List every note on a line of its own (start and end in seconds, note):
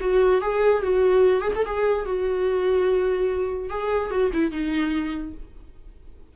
0.00 0.41 F#4
0.41 0.82 G#4
0.82 1.41 F#4
1.41 1.51 G#4
1.55 1.65 A4
1.65 2.05 G#4
2.05 3.69 F#4
3.69 4.10 G#4
4.10 4.31 F#4
4.33 4.51 E4
4.51 5.33 D#4